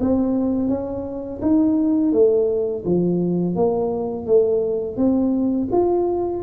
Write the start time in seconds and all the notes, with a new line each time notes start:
0.00 C4
0.68 C#4
1.41 D#4
2.12 A3
2.85 F3
3.55 A#3
4.26 A3
4.96 C4
5.71 F4